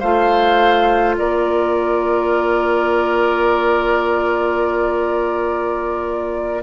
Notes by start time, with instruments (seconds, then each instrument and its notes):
0.00 bassoon A3, clarinet F4, oboe C5, flute F5
1.18 bassoon A#3, oboe A#4, flute D5